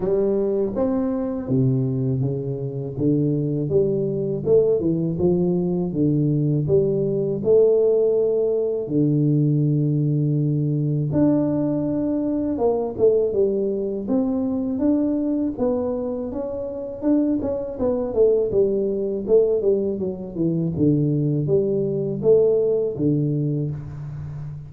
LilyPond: \new Staff \with { instrumentName = "tuba" } { \time 4/4 \tempo 4 = 81 g4 c'4 c4 cis4 | d4 g4 a8 e8 f4 | d4 g4 a2 | d2. d'4~ |
d'4 ais8 a8 g4 c'4 | d'4 b4 cis'4 d'8 cis'8 | b8 a8 g4 a8 g8 fis8 e8 | d4 g4 a4 d4 | }